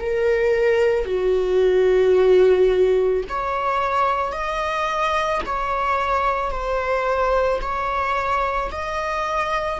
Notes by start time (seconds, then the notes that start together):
0.00 A#4
1.05 F#4
3.29 C#5
4.32 D#5
5.46 C#5
6.51 C5
7.62 C#5
8.72 D#5